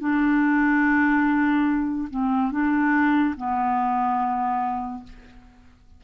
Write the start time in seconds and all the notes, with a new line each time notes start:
0.00 D4
2.10 C4
2.52 D4
3.37 B3